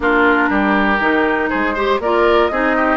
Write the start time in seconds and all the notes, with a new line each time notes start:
0.00 A#3 D4 F4 A#4
0.49 G3 G4
0.99 D#3 D#4
1.49 G#3 G#4 C5
1.74 G4 C5
1.99 A#3 F4 A#4 D5
2.47 C4 D#4 G#4 D#5
2.76 G4